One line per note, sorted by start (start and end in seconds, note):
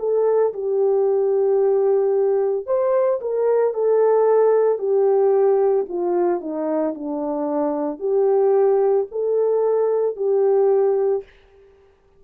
0.00 0.54 A4
0.54 2.67 G4
2.67 3.20 C5
3.21 3.75 A#4
3.75 4.79 A4
4.79 5.86 G4
5.89 6.41 F4
6.41 6.95 D#4
6.95 8.00 D4
8.00 9.07 G4
9.12 10.17 A4
10.17 11.24 G4